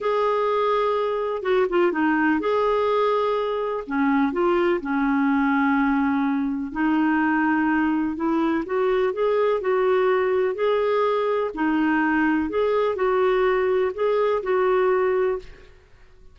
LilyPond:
\new Staff \with { instrumentName = "clarinet" } { \time 4/4 \tempo 4 = 125 gis'2. fis'8 f'8 | dis'4 gis'2. | cis'4 f'4 cis'2~ | cis'2 dis'2~ |
dis'4 e'4 fis'4 gis'4 | fis'2 gis'2 | dis'2 gis'4 fis'4~ | fis'4 gis'4 fis'2 | }